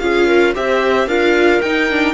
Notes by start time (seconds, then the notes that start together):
0.00 C#4 F4 G#4 F5
0.27 A#4
0.55 C4 G4 C5 E5
1.08 D4 F4 A#4 F5
1.62 D#4 G5
1.90 D4